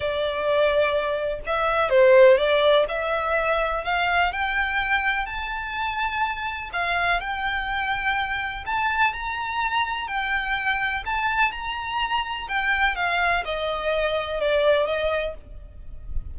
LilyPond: \new Staff \with { instrumentName = "violin" } { \time 4/4 \tempo 4 = 125 d''2. e''4 | c''4 d''4 e''2 | f''4 g''2 a''4~ | a''2 f''4 g''4~ |
g''2 a''4 ais''4~ | ais''4 g''2 a''4 | ais''2 g''4 f''4 | dis''2 d''4 dis''4 | }